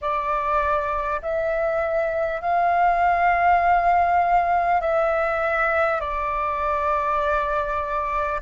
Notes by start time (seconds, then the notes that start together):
0.01 D5
1.22 E5
2.41 F5
4.81 E5
6.00 D5